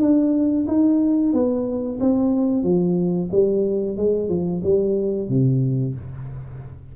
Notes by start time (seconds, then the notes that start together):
0.00 D4
0.67 D#4
1.33 B3
2.00 C4
2.63 F3
3.31 G3
3.97 G#3
4.29 F3
4.63 G3
5.28 C3